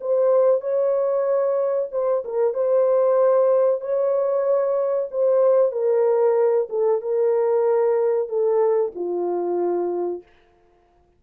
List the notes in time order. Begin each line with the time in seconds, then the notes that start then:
0.00 C5
0.61 C#5
1.91 C5
2.24 A#4
2.53 C5
3.81 C#5
5.11 C5
5.72 A#4
6.69 A4
7.01 A#4
8.28 A4
8.94 F4